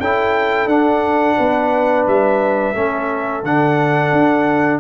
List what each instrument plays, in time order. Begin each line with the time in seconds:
0.00 tuba C#4, trombone E4, horn A4, trumpet G5
0.66 tuba D4, trombone D4, trumpet F#5
1.37 tuba B3, horn B4
2.07 tuba G3, trumpet E5
2.73 tuba A3, trombone C#4, horn A4
3.44 tuba D3, trombone D4, trumpet F#5
4.12 tuba D4